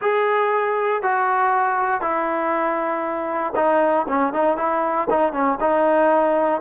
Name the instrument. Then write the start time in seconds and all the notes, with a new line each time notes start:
trombone
0.01 G#4
1.02 F#4
2.01 E4
3.55 D#4
4.08 C#4
4.33 D#4
4.57 E4
5.10 D#4
5.33 C#4
5.60 D#4